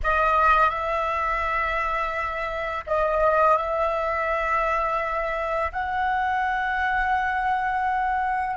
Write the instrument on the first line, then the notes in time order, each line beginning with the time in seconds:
flute
0.03 D#5
0.69 E5
2.86 D#5
3.57 E5
5.72 F#5